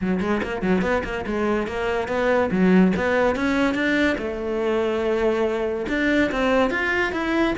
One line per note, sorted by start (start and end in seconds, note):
0.01 0.20 F#3
0.20 0.41 G#3
0.43 0.62 A#3
0.62 0.81 F#3
0.81 1.02 B3
1.04 1.25 A#3
1.26 1.67 G#3
1.67 2.08 A#3
2.08 2.50 B3
2.51 2.93 F#3
2.96 3.35 B3
3.35 3.74 C#4
3.74 4.16 D4
4.17 5.85 A3
5.88 6.30 D4
6.31 6.70 C4
6.70 7.12 F4
7.12 7.54 E4